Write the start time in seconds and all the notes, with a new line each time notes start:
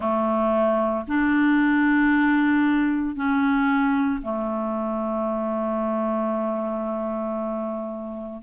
0.00 A3
1.07 D4
3.15 C#4
4.22 A3